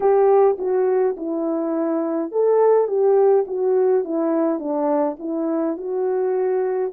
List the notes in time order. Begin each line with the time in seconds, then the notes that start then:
0.00 G4
0.58 F#4
1.16 E4
2.31 A4
2.87 G4
3.47 F#4
4.04 E4
4.59 D4
5.19 E4
5.77 F#4